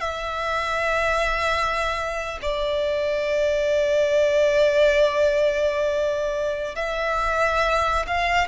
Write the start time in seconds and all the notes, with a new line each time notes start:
0.00 E5
2.42 D5
6.75 E5
8.07 F5